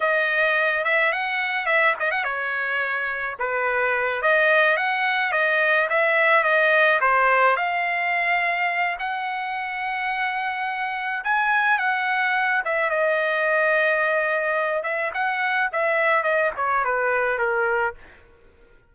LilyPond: \new Staff \with { instrumentName = "trumpet" } { \time 4/4 \tempo 4 = 107 dis''4. e''8 fis''4 e''8 dis''16 fis''16 | cis''2 b'4. dis''8~ | dis''8 fis''4 dis''4 e''4 dis''8~ | dis''8 c''4 f''2~ f''8 |
fis''1 | gis''4 fis''4. e''8 dis''4~ | dis''2~ dis''8 e''8 fis''4 | e''4 dis''8 cis''8 b'4 ais'4 | }